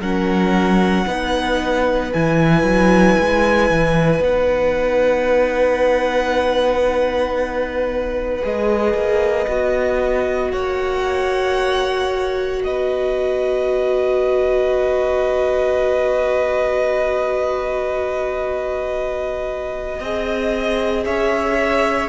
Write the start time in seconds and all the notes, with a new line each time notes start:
0.00 F#3 C#4 A#4 F#5
1.07 B3 D#4 B4
2.12 E3 E4 G#5
2.63 F#3
3.20 G#3
3.70 E3
4.20 B3 D#4 F#5
8.42 G#3 G#4 D#5
8.94 A#3
9.47 B3 F#4
10.52 A#3 C#5 F#5
12.64 B3 B4 D#5
19.99 C4 G#4 D#5
21.05 C#4 C#5 E5